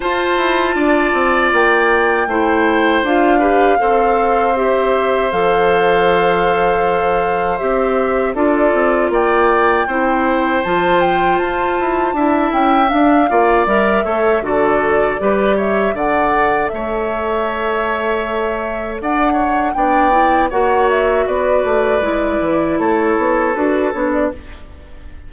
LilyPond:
<<
  \new Staff \with { instrumentName = "flute" } { \time 4/4 \tempo 4 = 79 a''2 g''2 | f''2 e''4 f''4~ | f''2 e''4 d''4 | g''2 a''8 g''8 a''4~ |
a''8 g''8 f''4 e''4 d''4~ | d''8 e''8 fis''4 e''2~ | e''4 fis''4 g''4 fis''8 e''8 | d''2 cis''4 b'8 cis''16 d''16 | }
  \new Staff \with { instrumentName = "oboe" } { \time 4/4 c''4 d''2 c''4~ | c''8 b'8 c''2.~ | c''2. a'4 | d''4 c''2. |
e''4. d''4 cis''8 a'4 | b'8 cis''8 d''4 cis''2~ | cis''4 d''8 cis''8 d''4 cis''4 | b'2 a'2 | }
  \new Staff \with { instrumentName = "clarinet" } { \time 4/4 f'2. e'4 | f'8 g'8 a'4 g'4 a'4~ | a'2 g'4 f'4~ | f'4 e'4 f'2 |
e'4 d'8 f'8 ais'8 a'8 fis'4 | g'4 a'2.~ | a'2 d'8 e'8 fis'4~ | fis'4 e'2 fis'8 d'8 | }
  \new Staff \with { instrumentName = "bassoon" } { \time 4/4 f'8 e'8 d'8 c'8 ais4 a4 | d'4 c'2 f4~ | f2 c'4 d'8 c'8 | ais4 c'4 f4 f'8 e'8 |
d'8 cis'8 d'8 ais8 g8 a8 d4 | g4 d4 a2~ | a4 d'4 b4 ais4 | b8 a8 gis8 e8 a8 b8 d'8 b8 | }
>>